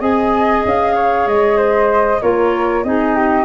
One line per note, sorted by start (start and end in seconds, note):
0.00 0.63 C4
0.00 2.19 G#4
0.00 0.94 D#5
0.00 0.64 G#5
0.65 1.26 C#4
0.65 1.28 F5
0.95 1.57 C#5
1.26 2.20 G#3
1.26 2.21 D#5
1.57 2.20 C5
2.22 2.84 A#3
2.22 2.85 F4
2.22 2.85 A#4
2.22 2.84 C#5
2.84 3.44 C4
2.84 3.44 D#4
2.84 3.15 G#4
2.84 3.44 D#5
3.15 3.44 G4